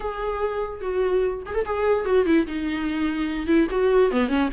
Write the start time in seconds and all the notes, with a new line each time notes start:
0.00 G#4
0.81 F#4
1.46 G#4
1.54 A4
1.65 G#4
2.05 F#4
2.25 E4
2.46 D#4
3.46 E4
3.70 F#4
4.11 B3
4.28 C#4